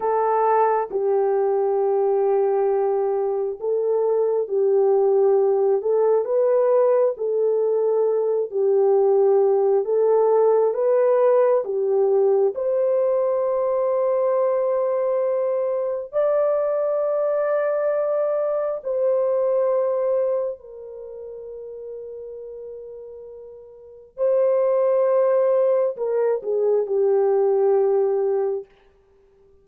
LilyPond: \new Staff \with { instrumentName = "horn" } { \time 4/4 \tempo 4 = 67 a'4 g'2. | a'4 g'4. a'8 b'4 | a'4. g'4. a'4 | b'4 g'4 c''2~ |
c''2 d''2~ | d''4 c''2 ais'4~ | ais'2. c''4~ | c''4 ais'8 gis'8 g'2 | }